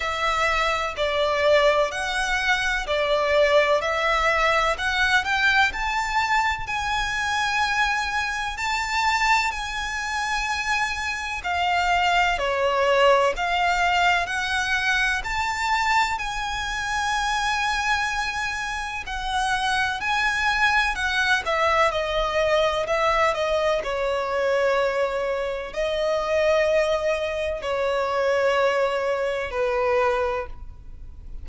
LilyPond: \new Staff \with { instrumentName = "violin" } { \time 4/4 \tempo 4 = 63 e''4 d''4 fis''4 d''4 | e''4 fis''8 g''8 a''4 gis''4~ | gis''4 a''4 gis''2 | f''4 cis''4 f''4 fis''4 |
a''4 gis''2. | fis''4 gis''4 fis''8 e''8 dis''4 | e''8 dis''8 cis''2 dis''4~ | dis''4 cis''2 b'4 | }